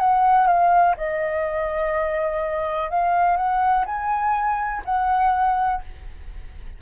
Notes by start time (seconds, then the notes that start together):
0.00 F#5
0.48 F5
0.97 D#5
2.90 F5
3.37 F#5
3.86 G#5
4.85 F#5